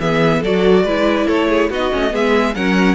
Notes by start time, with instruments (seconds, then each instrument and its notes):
0.00 cello E3, viola B3, violin G#4 E5
0.41 cello F#3, viola F#4, violin A4 D5
0.84 cello G#3, viola E4, violin B4
1.27 cello A3, violin A4 C#5
1.48 violin G#4
1.70 cello B3, viola D#4, violin F#4 D#5
1.91 cello A3, viola C#4
2.10 cello G#3, viola B3, violin G#4 E5
2.55 cello F#3, viola C#4, violin A#4 F#5